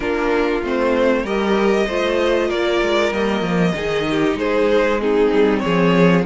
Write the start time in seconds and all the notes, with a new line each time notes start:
0.00 A#3 D4 F4 A#4
0.61 A3 C4 C5
1.23 G3 G4 A#4 D#5
1.86 A3 F4 C5
2.48 A#3 A#4 D5
2.81 G#3
3.11 G3 A#3 D#5
3.41 F3
3.73 D#3 D#4 G#4
4.10 G4
4.34 G#3 G#4 C5
4.99 C4 D#4 G#4
5.32 G3
5.59 G#4 C#5
5.66 F3